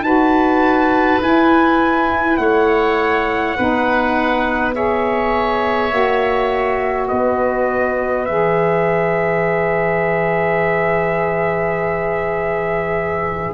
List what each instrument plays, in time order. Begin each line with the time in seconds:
0.00 tuba D#4, saxophone F#4, oboe B4, trumpet A5
1.20 saxophone E4, tuba E4, trumpet G#5
2.37 tuba A3, oboe C#5, trumpet F#5
3.57 tuba B3, saxophone D#4, oboe B4
4.74 saxophone G#4, oboe C#5, trumpet E5
5.90 tuba A#3, saxophone F#4
7.08 tuba B3, oboe B4, trumpet D#5
8.25 tuba E3, saxophone G#4, trumpet E5